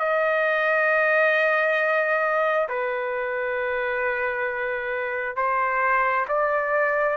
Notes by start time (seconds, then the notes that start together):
0.00 D#5
2.69 B4
5.36 C5
6.29 D5